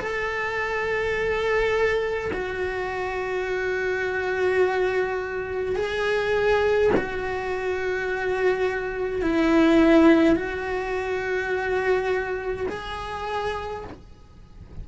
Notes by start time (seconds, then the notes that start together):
0.00 A4
2.33 F#4
5.75 G#4
6.97 F#4
9.22 E4
10.36 F#4
12.69 G#4